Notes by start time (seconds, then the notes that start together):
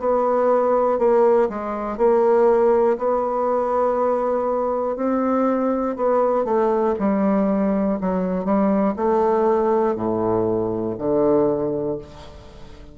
0.00 B3
0.99 A#3
1.49 G#3
1.98 A#3
2.98 B3
4.96 C4
5.97 B3
6.45 A3
6.99 G3
8.01 F#3
8.45 G3
8.97 A3
9.96 A2
10.98 D3